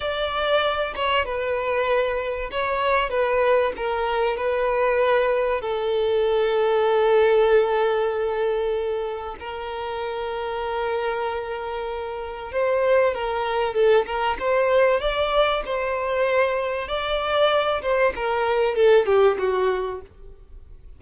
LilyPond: \new Staff \with { instrumentName = "violin" } { \time 4/4 \tempo 4 = 96 d''4. cis''8 b'2 | cis''4 b'4 ais'4 b'4~ | b'4 a'2.~ | a'2. ais'4~ |
ais'1 | c''4 ais'4 a'8 ais'8 c''4 | d''4 c''2 d''4~ | d''8 c''8 ais'4 a'8 g'8 fis'4 | }